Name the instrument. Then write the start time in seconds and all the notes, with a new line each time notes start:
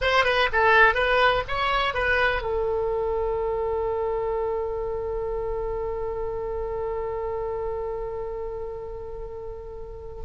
oboe
0.01 C5
0.24 B4
0.52 A4
0.94 B4
1.48 C#5
1.94 B4
2.41 A4